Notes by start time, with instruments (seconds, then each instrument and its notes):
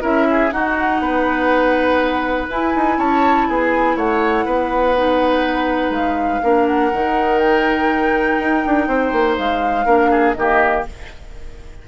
0.00 bassoon C#4, clarinet E4, oboe A#4, flute E5
0.31 oboe G#4
0.51 clarinet D#4, bassoon D#4, oboe F#4, flute F#5
1.00 bassoon B3, oboe B4
2.49 bassoon E4, clarinet E4, flute G#5
2.75 bassoon D#4
2.98 bassoon C#4, oboe C#5, flute A5
3.47 bassoon B3, oboe G#4, flute G#5
3.96 bassoon A3, oboe C#5, flute F#5
4.45 bassoon B3, oboe B4
4.96 clarinet D#4
5.90 bassoon G#3, flute F5
6.43 bassoon A#3, clarinet D4, oboe A#4
6.67 flute F#5
6.93 bassoon D#3, clarinet D#4
7.39 flute G5
8.39 bassoon D#4
8.66 bassoon D4
8.87 bassoon C4, oboe C5
9.12 bassoon A#3
9.38 bassoon G#3, flute F5
9.85 bassoon A#3, clarinet D4, oboe A#4
10.10 oboe G#4
10.34 bassoon D#3, clarinet A#3, oboe G4, flute D#5